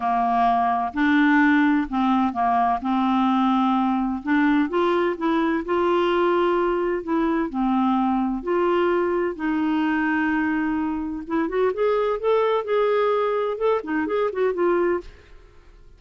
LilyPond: \new Staff \with { instrumentName = "clarinet" } { \time 4/4 \tempo 4 = 128 ais2 d'2 | c'4 ais4 c'2~ | c'4 d'4 f'4 e'4 | f'2. e'4 |
c'2 f'2 | dis'1 | e'8 fis'8 gis'4 a'4 gis'4~ | gis'4 a'8 dis'8 gis'8 fis'8 f'4 | }